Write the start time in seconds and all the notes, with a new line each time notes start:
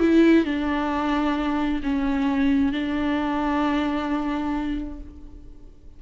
0.00 E4
0.45 D4
1.83 C#4
2.73 D4